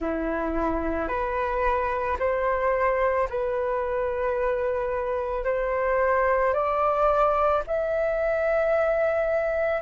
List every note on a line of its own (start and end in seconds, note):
0.00 1.08 E4
1.08 2.17 B4
2.19 3.28 C5
3.29 5.44 B4
5.44 6.53 C5
6.53 7.62 D5
7.67 9.81 E5